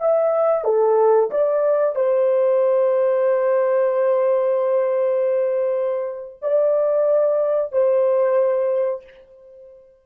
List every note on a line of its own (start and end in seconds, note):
0.00 0.64 E5
0.64 1.30 A4
1.31 1.95 D5
1.95 6.40 C5
6.42 7.72 D5
7.72 9.04 C5